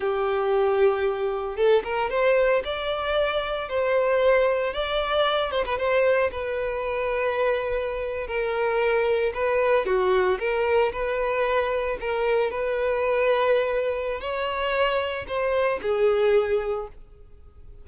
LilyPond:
\new Staff \with { instrumentName = "violin" } { \time 4/4 \tempo 4 = 114 g'2. a'8 ais'8 | c''4 d''2 c''4~ | c''4 d''4. c''16 b'16 c''4 | b'2.~ b'8. ais'16~ |
ais'4.~ ais'16 b'4 fis'4 ais'16~ | ais'8. b'2 ais'4 b'16~ | b'2. cis''4~ | cis''4 c''4 gis'2 | }